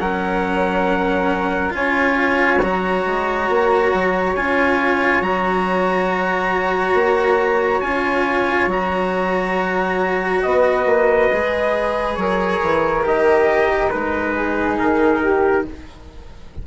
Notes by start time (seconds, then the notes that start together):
0.00 F#3 C#4 A#4 F#5
1.70 C#4 F4 C#5 G#5
2.62 F#3 F#4 A#5
3.06 G#3
3.49 A#3
3.93 F#3
4.35 C#4 F4 G#5
5.21 F#3 F#4 A#5
6.94 A#3
7.81 C#4 F4 G#5
8.67 F#3 F#4 A#5
10.43 B3 B4 D#5
10.86 A#3
11.32 G#3 G#4
12.16 F#3 A#4 C#5
12.63 E3
13.03 D#3 G4 D#5
13.90 G#3 D#4 B4
14.35 G#4
14.79 D#3 A#4
15.22 G4